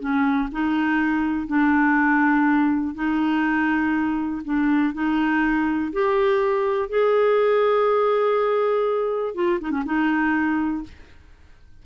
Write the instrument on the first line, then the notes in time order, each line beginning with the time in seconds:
clarinet
0.00 C#4
0.52 D#4
1.47 D4
2.95 D#4
4.45 D4
4.94 D#4
5.93 G4
6.89 G#4
9.35 F4
9.61 D#4
9.72 C#4
9.86 D#4